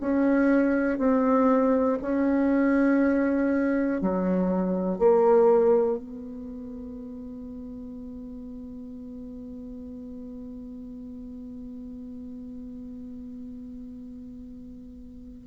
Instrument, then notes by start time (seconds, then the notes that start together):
bassoon
0.00 C#4
0.98 C4
2.01 C#4
4.00 F#3
4.99 A#3
5.98 B3